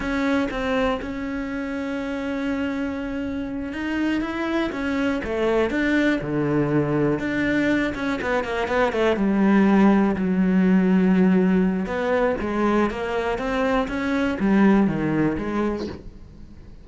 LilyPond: \new Staff \with { instrumentName = "cello" } { \time 4/4 \tempo 4 = 121 cis'4 c'4 cis'2~ | cis'2.~ cis'8 dis'8~ | dis'8 e'4 cis'4 a4 d'8~ | d'8 d2 d'4. |
cis'8 b8 ais8 b8 a8 g4.~ | g8 fis2.~ fis8 | b4 gis4 ais4 c'4 | cis'4 g4 dis4 gis4 | }